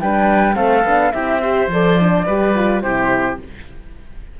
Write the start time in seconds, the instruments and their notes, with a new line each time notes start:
0.00 cello G3, horn D4, oboe B4, flute G5
0.53 cello A3, horn C4, oboe A4, flute F5
0.84 cello B3, horn D4
1.12 cello C4, horn E4, oboe G4, flute E5
1.41 horn G4, oboe C5
1.67 cello F3, horn A4, flute D5
2.00 horn D4
2.26 cello G3, horn G4, oboe B4
2.55 horn F4
2.81 cello C3, horn E4, oboe G4, flute C5